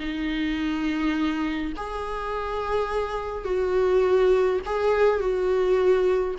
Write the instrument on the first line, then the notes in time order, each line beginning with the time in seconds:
viola
0.00 D#4
1.77 G#4
3.45 F#4
4.66 G#4
5.20 F#4